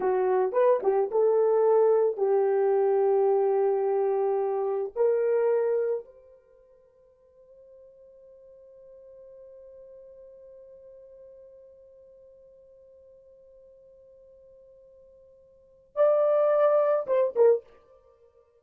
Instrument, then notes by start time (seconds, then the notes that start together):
horn
0.00 F#4
0.52 B4
0.82 G4
1.11 A4
2.17 G4
4.95 A#4
6.04 C5
15.95 D5
17.06 C5
17.35 A#4